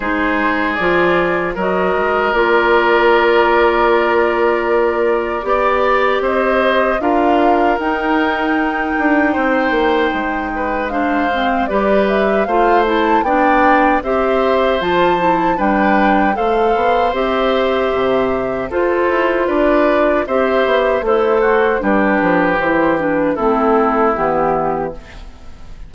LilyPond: <<
  \new Staff \with { instrumentName = "flute" } { \time 4/4 \tempo 4 = 77 c''4 d''4 dis''4 d''4~ | d''1 | dis''4 f''4 g''2~ | g''2 f''4 d''8 e''8 |
f''8 a''8 g''4 e''4 a''4 | g''4 f''4 e''2 | c''4 d''4 e''4 c''4 | b'4 c''8 b'8 a'4 g'4 | }
  \new Staff \with { instrumentName = "oboe" } { \time 4/4 gis'2 ais'2~ | ais'2. d''4 | c''4 ais'2. | c''4. b'8 c''4 b'4 |
c''4 d''4 c''2 | b'4 c''2. | a'4 b'4 c''4 e'8 fis'8 | g'2 e'2 | }
  \new Staff \with { instrumentName = "clarinet" } { \time 4/4 dis'4 f'4 fis'4 f'4~ | f'2. g'4~ | g'4 f'4 dis'2~ | dis'2 d'8 c'8 g'4 |
f'8 e'8 d'4 g'4 f'8 e'8 | d'4 a'4 g'2 | f'2 g'4 a'4 | d'4 e'8 d'8 c'4 b4 | }
  \new Staff \with { instrumentName = "bassoon" } { \time 4/4 gis4 f4 fis8 gis8 ais4~ | ais2. b4 | c'4 d'4 dis'4. d'8 | c'8 ais8 gis2 g4 |
a4 b4 c'4 f4 | g4 a8 b8 c'4 c4 | f'8 e'8 d'4 c'8 b8 a4 | g8 f8 e4 a4 e4 | }
>>